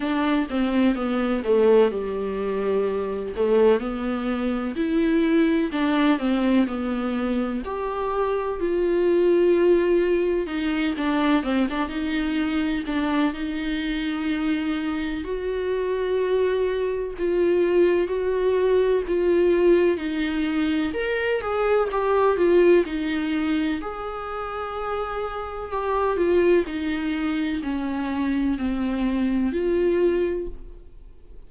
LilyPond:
\new Staff \with { instrumentName = "viola" } { \time 4/4 \tempo 4 = 63 d'8 c'8 b8 a8 g4. a8 | b4 e'4 d'8 c'8 b4 | g'4 f'2 dis'8 d'8 | c'16 d'16 dis'4 d'8 dis'2 |
fis'2 f'4 fis'4 | f'4 dis'4 ais'8 gis'8 g'8 f'8 | dis'4 gis'2 g'8 f'8 | dis'4 cis'4 c'4 f'4 | }